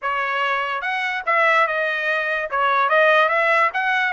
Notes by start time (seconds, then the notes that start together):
0.02 C#5
0.81 F#5
1.26 E5
1.67 D#5
2.50 C#5
2.89 D#5
3.28 E5
3.73 F#5